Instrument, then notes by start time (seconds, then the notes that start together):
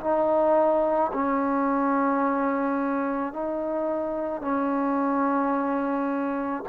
trombone
0.00 D#4
1.13 C#4
3.33 D#4
4.41 C#4